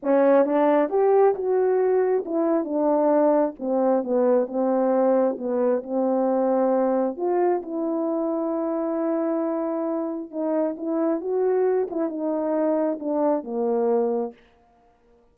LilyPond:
\new Staff \with { instrumentName = "horn" } { \time 4/4 \tempo 4 = 134 cis'4 d'4 g'4 fis'4~ | fis'4 e'4 d'2 | c'4 b4 c'2 | b4 c'2. |
f'4 e'2.~ | e'2. dis'4 | e'4 fis'4. e'8 dis'4~ | dis'4 d'4 ais2 | }